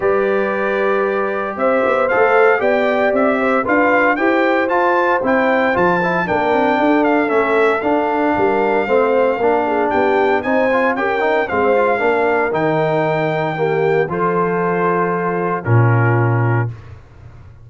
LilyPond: <<
  \new Staff \with { instrumentName = "trumpet" } { \time 4/4 \tempo 4 = 115 d''2. e''4 | f''4 g''4 e''4 f''4 | g''4 a''4 g''4 a''4 | g''4. f''8 e''4 f''4~ |
f''2. g''4 | gis''4 g''4 f''2 | g''2. c''4~ | c''2 ais'2 | }
  \new Staff \with { instrumentName = "horn" } { \time 4/4 b'2. c''4~ | c''4 d''4. c''8 b'4 | c''1 | ais'4 a'2. |
ais'4 c''4 ais'8 gis'8 g'4 | c''4 ais'4 c''4 ais'4~ | ais'2 g'4 a'4~ | a'2 f'2 | }
  \new Staff \with { instrumentName = "trombone" } { \time 4/4 g'1 | a'4 g'2 f'4 | g'4 f'4 e'4 f'8 e'8 | d'2 cis'4 d'4~ |
d'4 c'4 d'2 | dis'8 f'8 g'8 dis'8 c'8 f'8 d'4 | dis'2 ais4 f'4~ | f'2 cis'2 | }
  \new Staff \with { instrumentName = "tuba" } { \time 4/4 g2. c'8 b8 | a4 b4 c'4 d'4 | e'4 f'4 c'4 f4 | ais8 c'8 d'4 a4 d'4 |
g4 a4 ais4 b4 | c'4 cis'4 gis4 ais4 | dis2. f4~ | f2 ais,2 | }
>>